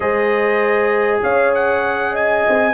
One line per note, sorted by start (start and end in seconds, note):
0.00 1.22 G#3
0.00 2.73 G#4
0.00 1.21 C5
0.00 1.20 D#5
1.22 2.45 C#4
1.22 2.12 C#5
1.22 1.53 F5
1.54 2.15 F#5
2.12 2.73 D#5
2.12 2.74 G#5
2.49 2.74 C4